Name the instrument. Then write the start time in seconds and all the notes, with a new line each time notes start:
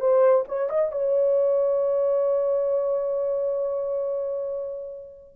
horn
0.00 C5
0.48 C#5
0.69 D#5
0.92 C#5